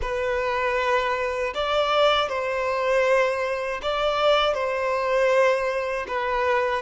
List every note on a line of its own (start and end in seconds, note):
0.01 1.53 B4
1.54 2.29 D5
2.29 3.80 C5
3.82 4.54 D5
4.54 6.06 C5
6.07 6.82 B4